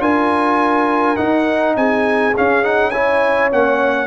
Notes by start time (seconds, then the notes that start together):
0.00 D4 F4 A#4 G#5
1.16 D#4 F#5
1.76 C4 G#4 G#5
2.37 C#4 F5
2.63 D#4 F#5
2.91 E4 C#5 G#5
3.52 A#3 C#4 F#5